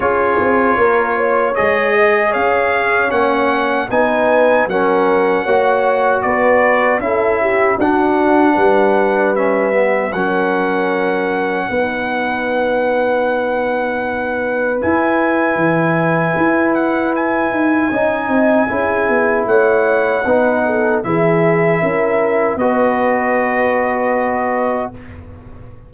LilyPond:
<<
  \new Staff \with { instrumentName = "trumpet" } { \time 4/4 \tempo 4 = 77 cis''2 dis''4 f''4 | fis''4 gis''4 fis''2 | d''4 e''4 fis''2 | e''4 fis''2.~ |
fis''2. gis''4~ | gis''4. fis''8 gis''2~ | gis''4 fis''2 e''4~ | e''4 dis''2. | }
  \new Staff \with { instrumentName = "horn" } { \time 4/4 gis'4 ais'8 cis''4 dis''8 cis''4~ | cis''4 b'4 ais'4 cis''4 | b'4 a'8 g'8 fis'4 b'4~ | b'4 ais'2 b'4~ |
b'1~ | b'2. dis''4 | gis'4 cis''4 b'8 a'8 gis'4 | ais'4 b'2. | }
  \new Staff \with { instrumentName = "trombone" } { \time 4/4 f'2 gis'2 | cis'4 dis'4 cis'4 fis'4~ | fis'4 e'4 d'2 | cis'8 b8 cis'2 dis'4~ |
dis'2. e'4~ | e'2. dis'4 | e'2 dis'4 e'4~ | e'4 fis'2. | }
  \new Staff \with { instrumentName = "tuba" } { \time 4/4 cis'8 c'8 ais4 gis4 cis'4 | ais4 b4 fis4 ais4 | b4 cis'4 d'4 g4~ | g4 fis2 b4~ |
b2. e'4 | e4 e'4. dis'8 cis'8 c'8 | cis'8 b8 a4 b4 e4 | cis'4 b2. | }
>>